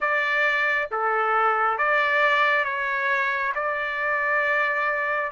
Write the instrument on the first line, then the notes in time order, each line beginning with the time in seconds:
trumpet
0.00 D5
0.91 A4
1.78 D5
2.64 C#5
3.54 D5